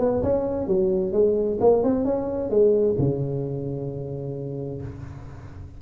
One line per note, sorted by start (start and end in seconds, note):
0.00 0.23 B3
0.23 0.68 C#4
0.68 1.13 F#3
1.13 1.59 G#3
1.61 1.83 A#3
1.83 2.05 C4
2.05 2.50 C#4
2.50 2.96 G#3
2.99 4.82 C#3